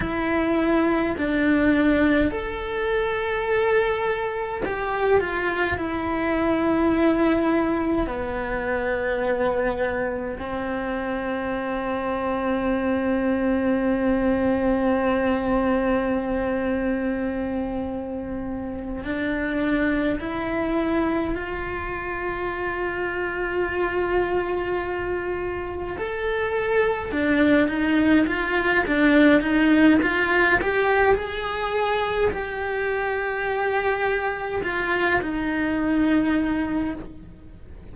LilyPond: \new Staff \with { instrumentName = "cello" } { \time 4/4 \tempo 4 = 52 e'4 d'4 a'2 | g'8 f'8 e'2 b4~ | b4 c'2.~ | c'1~ |
c'8 d'4 e'4 f'4.~ | f'2~ f'8 a'4 d'8 | dis'8 f'8 d'8 dis'8 f'8 g'8 gis'4 | g'2 f'8 dis'4. | }